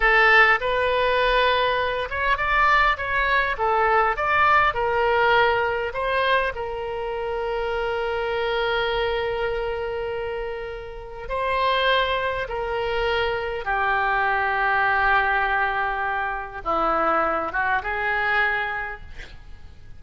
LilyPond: \new Staff \with { instrumentName = "oboe" } { \time 4/4 \tempo 4 = 101 a'4 b'2~ b'8 cis''8 | d''4 cis''4 a'4 d''4 | ais'2 c''4 ais'4~ | ais'1~ |
ais'2. c''4~ | c''4 ais'2 g'4~ | g'1 | e'4. fis'8 gis'2 | }